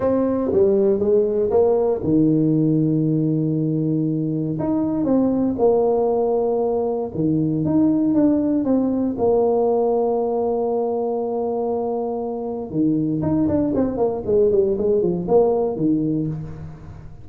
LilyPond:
\new Staff \with { instrumentName = "tuba" } { \time 4/4 \tempo 4 = 118 c'4 g4 gis4 ais4 | dis1~ | dis4 dis'4 c'4 ais4~ | ais2 dis4 dis'4 |
d'4 c'4 ais2~ | ais1~ | ais4 dis4 dis'8 d'8 c'8 ais8 | gis8 g8 gis8 f8 ais4 dis4 | }